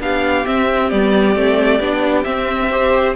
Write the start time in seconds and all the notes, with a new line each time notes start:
0.00 B3 D4 G4 F5
0.45 C4 E5
0.91 G3 B3 D5
1.36 A3 C4
1.80 B3 D4
2.24 C4 E5
2.71 G4 C5